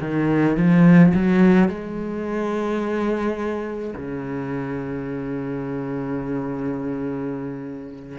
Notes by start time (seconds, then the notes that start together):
0.00 D#3
0.56 F3
1.14 F#3
1.68 G#3
3.95 C#3